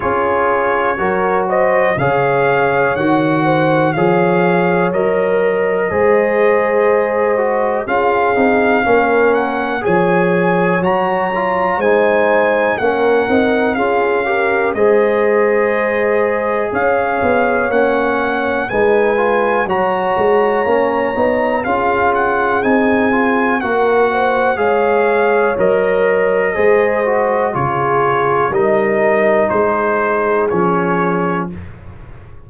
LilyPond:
<<
  \new Staff \with { instrumentName = "trumpet" } { \time 4/4 \tempo 4 = 61 cis''4. dis''8 f''4 fis''4 | f''4 dis''2. | f''4. fis''8 gis''4 ais''4 | gis''4 fis''4 f''4 dis''4~ |
dis''4 f''4 fis''4 gis''4 | ais''2 f''8 fis''8 gis''4 | fis''4 f''4 dis''2 | cis''4 dis''4 c''4 cis''4 | }
  \new Staff \with { instrumentName = "horn" } { \time 4/4 gis'4 ais'8 c''8 cis''4. c''8 | cis''2 c''2 | gis'4 ais'4 cis''2 | c''4 ais'4 gis'8 ais'8 c''4~ |
c''4 cis''2 b'4 | cis''2 gis'2 | ais'8 c''8 cis''2 c''4 | gis'4 ais'4 gis'2 | }
  \new Staff \with { instrumentName = "trombone" } { \time 4/4 f'4 fis'4 gis'4 fis'4 | gis'4 ais'4 gis'4. fis'8 | f'8 dis'8 cis'4 gis'4 fis'8 f'8 | dis'4 cis'8 dis'8 f'8 g'8 gis'4~ |
gis'2 cis'4 dis'8 f'8 | fis'4 cis'8 dis'8 f'4 dis'8 f'8 | fis'4 gis'4 ais'4 gis'8 fis'8 | f'4 dis'2 cis'4 | }
  \new Staff \with { instrumentName = "tuba" } { \time 4/4 cis'4 fis4 cis4 dis4 | f4 fis4 gis2 | cis'8 c'8 ais4 f4 fis4 | gis4 ais8 c'8 cis'4 gis4~ |
gis4 cis'8 b8 ais4 gis4 | fis8 gis8 ais8 b8 cis'4 c'4 | ais4 gis4 fis4 gis4 | cis4 g4 gis4 f4 | }
>>